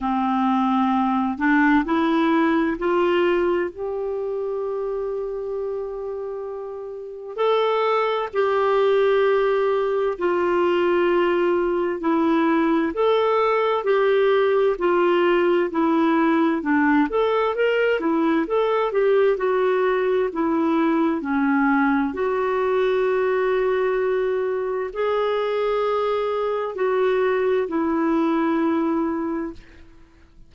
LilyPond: \new Staff \with { instrumentName = "clarinet" } { \time 4/4 \tempo 4 = 65 c'4. d'8 e'4 f'4 | g'1 | a'4 g'2 f'4~ | f'4 e'4 a'4 g'4 |
f'4 e'4 d'8 a'8 ais'8 e'8 | a'8 g'8 fis'4 e'4 cis'4 | fis'2. gis'4~ | gis'4 fis'4 e'2 | }